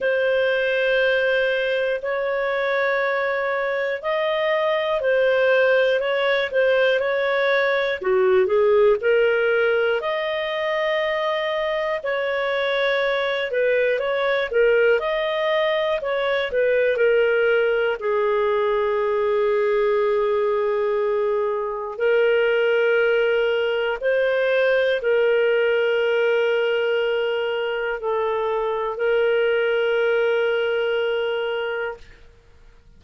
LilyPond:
\new Staff \with { instrumentName = "clarinet" } { \time 4/4 \tempo 4 = 60 c''2 cis''2 | dis''4 c''4 cis''8 c''8 cis''4 | fis'8 gis'8 ais'4 dis''2 | cis''4. b'8 cis''8 ais'8 dis''4 |
cis''8 b'8 ais'4 gis'2~ | gis'2 ais'2 | c''4 ais'2. | a'4 ais'2. | }